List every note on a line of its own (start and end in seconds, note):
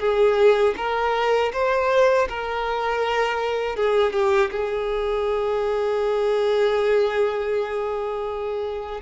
0.00 0.75 G#4
0.77 1.52 A#4
1.53 2.28 C5
2.29 3.76 A#4
3.76 4.13 G#4
4.13 4.51 G4
4.51 9.01 G#4